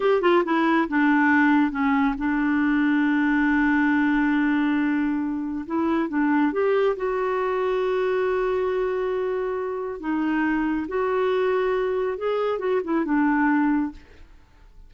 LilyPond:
\new Staff \with { instrumentName = "clarinet" } { \time 4/4 \tempo 4 = 138 g'8 f'8 e'4 d'2 | cis'4 d'2.~ | d'1~ | d'4 e'4 d'4 g'4 |
fis'1~ | fis'2. dis'4~ | dis'4 fis'2. | gis'4 fis'8 e'8 d'2 | }